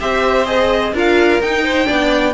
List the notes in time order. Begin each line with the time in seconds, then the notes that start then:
0.00 C4 G4 C5 E5
0.46 G#4 D#5
0.92 D4 F4 A#4 F5
1.40 D#4 G5
1.64 C5
1.84 B3 D4 D5